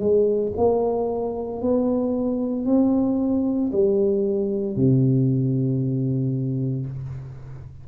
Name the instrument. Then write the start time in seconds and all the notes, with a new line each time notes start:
tuba
0.00 G#3
0.57 A#3
1.62 B3
2.66 C4
3.73 G3
4.77 C3